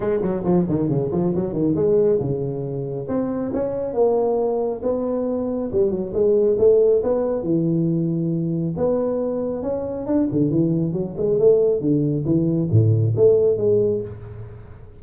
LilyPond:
\new Staff \with { instrumentName = "tuba" } { \time 4/4 \tempo 4 = 137 gis8 fis8 f8 dis8 cis8 f8 fis8 dis8 | gis4 cis2 c'4 | cis'4 ais2 b4~ | b4 g8 fis8 gis4 a4 |
b4 e2. | b2 cis'4 d'8 d8 | e4 fis8 gis8 a4 d4 | e4 a,4 a4 gis4 | }